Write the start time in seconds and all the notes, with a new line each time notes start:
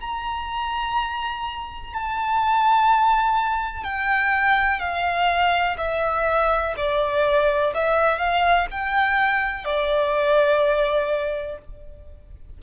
0.00 A#5
1.94 A5
3.84 G5
4.79 F5
5.78 E5
6.77 D5
7.74 E5
8.18 F5
8.71 G5
9.65 D5